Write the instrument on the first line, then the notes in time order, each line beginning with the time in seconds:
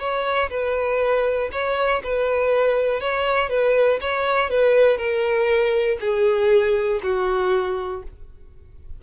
violin
0.00 C#5
0.51 B4
1.53 C#5
2.04 B4
3.01 C#5
3.50 B4
4.01 C#5
4.51 B4
4.98 A#4
6.01 G#4
7.03 F#4